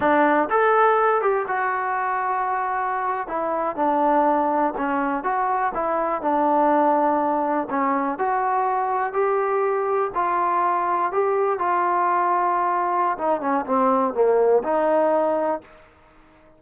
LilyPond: \new Staff \with { instrumentName = "trombone" } { \time 4/4 \tempo 4 = 123 d'4 a'4. g'8 fis'4~ | fis'2~ fis'8. e'4 d'16~ | d'4.~ d'16 cis'4 fis'4 e'16~ | e'8. d'2. cis'16~ |
cis'8. fis'2 g'4~ g'16~ | g'8. f'2 g'4 f'16~ | f'2. dis'8 cis'8 | c'4 ais4 dis'2 | }